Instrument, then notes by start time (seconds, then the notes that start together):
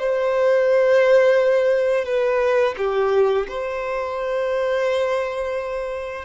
violin
0.00 C5
2.05 B4
2.78 G4
3.49 C5